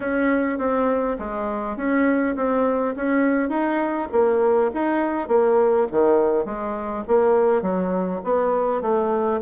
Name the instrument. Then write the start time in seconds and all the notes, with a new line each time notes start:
bassoon
0.00 C#4
0.58 C4
1.18 G#3
1.76 C#4
2.36 C4
2.95 C#4
3.49 D#4
4.12 A#3
4.74 D#4
5.28 A#3
5.91 D#3
6.45 G#3
7.07 A#3
7.62 F#3
8.24 B3
8.81 A3